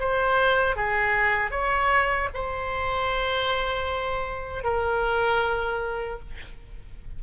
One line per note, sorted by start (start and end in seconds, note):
0.00 0.76 C5
0.76 1.51 G#4
1.51 2.29 C#5
2.34 4.64 C5
4.64 6.20 A#4